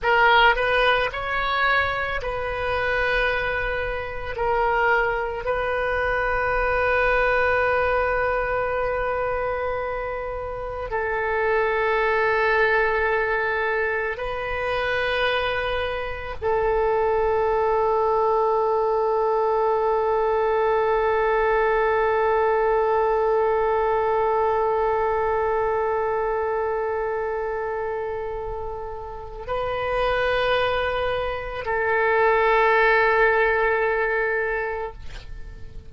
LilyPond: \new Staff \with { instrumentName = "oboe" } { \time 4/4 \tempo 4 = 55 ais'8 b'8 cis''4 b'2 | ais'4 b'2.~ | b'2 a'2~ | a'4 b'2 a'4~ |
a'1~ | a'1~ | a'2. b'4~ | b'4 a'2. | }